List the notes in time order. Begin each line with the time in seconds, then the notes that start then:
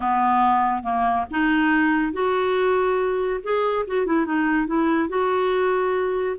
0.00 B3
0.83 A#3
1.31 D#4
2.12 F#4
3.43 G#4
3.87 F#4
4.06 E4
4.25 D#4
4.67 E4
5.09 F#4